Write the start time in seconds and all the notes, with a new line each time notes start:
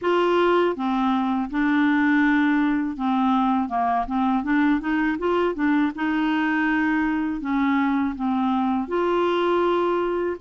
0.01 F4
0.75 C4
1.50 D4
2.96 C4
3.68 A#3
4.06 C4
4.43 D4
4.80 D#4
5.18 F4
5.55 D4
5.95 D#4
7.40 C#4
8.15 C4
8.88 F4